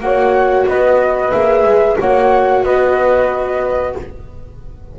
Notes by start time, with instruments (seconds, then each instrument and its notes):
0.00 double bass A#3, viola F#4, horn C#5, flute F#5
0.66 double bass B3, horn B4, flute D#5
1.32 double bass A#3, viola G#4, flute E5
1.64 double bass G#3
1.99 double bass A#3, viola F#4, horn C#5, flute F#5
2.63 double bass B3, horn B4, flute D#5